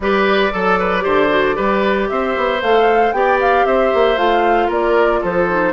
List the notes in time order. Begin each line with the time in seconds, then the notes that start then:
0.00 G3 G4 B4 D5
0.51 F#3 A4
0.79 B4
1.01 D3 G4 C5
1.29 F#4
1.54 G3 G4 B4
2.09 C4 C5 E5
2.36 B3
2.61 A3 A4 F5
3.12 B3 G4 D5 G5
3.40 F5
3.65 C4 C5 E5
3.93 A#3
4.16 A3 F4 F5
4.67 A#3 A#4 D5
5.21 F3 A4 C5
5.48 D#4